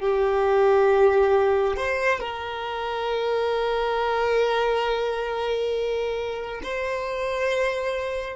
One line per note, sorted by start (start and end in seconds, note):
0.00 1.76 G4
1.76 2.20 C5
2.20 6.61 A#4
6.62 8.35 C5